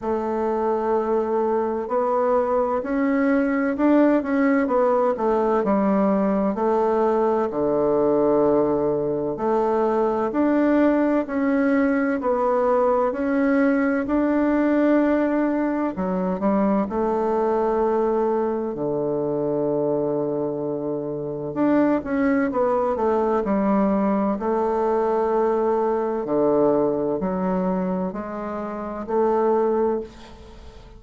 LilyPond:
\new Staff \with { instrumentName = "bassoon" } { \time 4/4 \tempo 4 = 64 a2 b4 cis'4 | d'8 cis'8 b8 a8 g4 a4 | d2 a4 d'4 | cis'4 b4 cis'4 d'4~ |
d'4 fis8 g8 a2 | d2. d'8 cis'8 | b8 a8 g4 a2 | d4 fis4 gis4 a4 | }